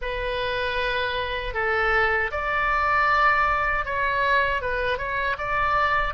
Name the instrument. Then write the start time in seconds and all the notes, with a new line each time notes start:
oboe
0.01 B4
1.53 A4
2.31 D5
3.85 C#5
4.62 B4
4.98 C#5
5.38 D5